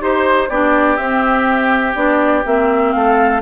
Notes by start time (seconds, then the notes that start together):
0.00 D#4 G4 C5
0.49 B3 D4 G4 D5
0.97 C4 E5
1.95 B3 D4 D5
2.46 A#3 C4 E5
2.92 A3 A4 F5